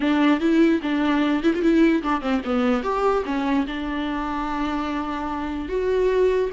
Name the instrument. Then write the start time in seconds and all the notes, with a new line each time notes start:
viola
0.00 D4
0.40 E4
0.82 D4
1.43 E4
1.54 F4
1.62 E4
2.02 D4
2.21 C4
2.45 B3
2.83 G4
3.25 C#4
3.66 D4
5.68 F#4